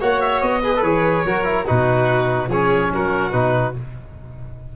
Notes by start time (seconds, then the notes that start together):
0.00 A#3 F#4 C#5 F#5
0.21 E5
0.41 B3 D#5
0.63 G#4 B4
0.76 E3 A4
0.83 G#4 C#5
1.25 F#3 F#4 A#4
1.44 E4
1.66 B2 D#4 F#4 B4
2.48 F3 C#4 G#4 C#5
2.93 F#3 F#4 A#4
3.32 B2 D#4 B4